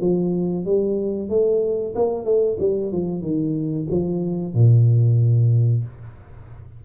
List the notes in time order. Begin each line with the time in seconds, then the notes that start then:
0.00 F3
0.65 G3
1.29 A3
1.95 A#3
2.25 A3
2.59 G3
2.92 F3
3.21 D#3
3.90 F3
4.54 A#2